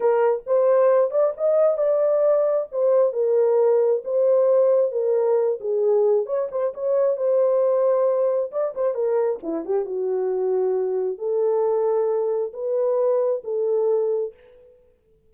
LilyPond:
\new Staff \with { instrumentName = "horn" } { \time 4/4 \tempo 4 = 134 ais'4 c''4. d''8 dis''4 | d''2 c''4 ais'4~ | ais'4 c''2 ais'4~ | ais'8 gis'4. cis''8 c''8 cis''4 |
c''2. d''8 c''8 | ais'4 e'8 g'8 fis'2~ | fis'4 a'2. | b'2 a'2 | }